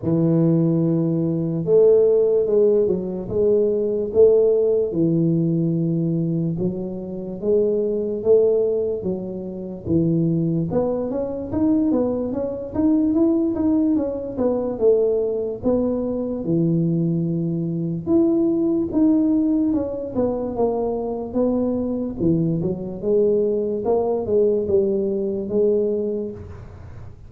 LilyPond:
\new Staff \with { instrumentName = "tuba" } { \time 4/4 \tempo 4 = 73 e2 a4 gis8 fis8 | gis4 a4 e2 | fis4 gis4 a4 fis4 | e4 b8 cis'8 dis'8 b8 cis'8 dis'8 |
e'8 dis'8 cis'8 b8 a4 b4 | e2 e'4 dis'4 | cis'8 b8 ais4 b4 e8 fis8 | gis4 ais8 gis8 g4 gis4 | }